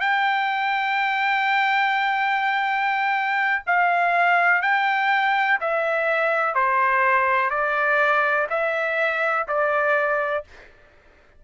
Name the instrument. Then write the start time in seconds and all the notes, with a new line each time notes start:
trumpet
0.00 G5
3.67 F5
4.61 G5
5.61 E5
6.55 C5
7.50 D5
8.50 E5
9.48 D5